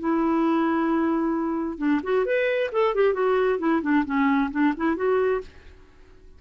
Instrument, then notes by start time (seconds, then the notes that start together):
clarinet
0.00 E4
1.78 D4
2.03 F#4
2.26 B4
2.72 A4
2.95 G4
3.14 F#4
3.59 E4
3.82 D4
4.05 C#4
4.51 D4
4.77 E4
4.96 F#4